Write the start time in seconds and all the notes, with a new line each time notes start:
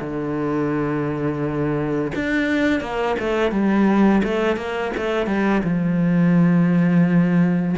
0.00 D3
2.15 D4
2.80 A#3
3.19 A3
3.51 G3
4.24 A3
4.56 A#3
4.97 A3
5.26 G3
5.63 F3